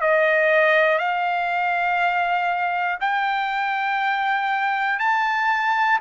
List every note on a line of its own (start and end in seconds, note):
0.00 0.98 D#5
0.98 2.98 F5
3.00 4.99 G5
4.99 5.99 A5